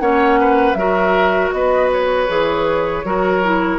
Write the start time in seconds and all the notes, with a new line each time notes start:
0.00 A#3 C#4 C#5 F#5
0.40 B4
0.74 F#3 F#4 A#4 E5
1.52 B3 B4 D#5
1.92 C#5
2.28 E3 G#4
3.04 F#3 F#4 A#4
3.44 E4